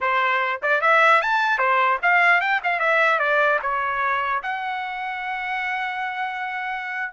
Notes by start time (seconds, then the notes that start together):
0.01 C5
0.62 D5
0.81 E5
1.21 A5
1.58 C5
2.02 F5
2.40 G5
2.63 F5
2.79 E5
3.19 D5
3.62 C#5
4.42 F#5